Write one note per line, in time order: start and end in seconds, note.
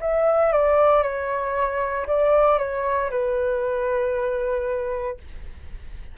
0.00 0.52 E5
0.52 1.02 D5
1.02 2.05 C#5
2.06 2.58 D5
2.58 3.09 C#5
3.10 5.17 B4